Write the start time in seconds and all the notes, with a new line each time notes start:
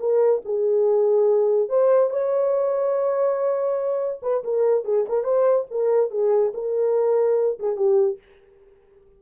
0.00 A#4
0.45 G#4
1.69 C5
2.10 C#5
4.22 B4
4.44 A#4
4.85 G#4
5.09 A#4
5.24 C5
5.71 A#4
6.11 G#4
6.54 A#4
7.59 G#4
7.76 G4